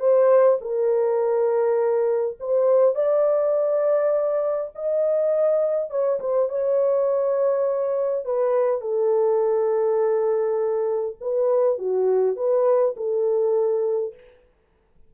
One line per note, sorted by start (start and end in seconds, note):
0.00 0.59 C5
0.61 2.38 A#4
2.40 2.95 C5
2.95 4.72 D5
4.76 5.91 D#5
5.91 6.20 C#5
6.20 6.49 C5
6.49 8.25 C#5
8.25 8.81 B4
8.81 11.17 A4
11.21 11.79 B4
11.79 12.37 F#4
12.37 12.95 B4
12.97 14.15 A4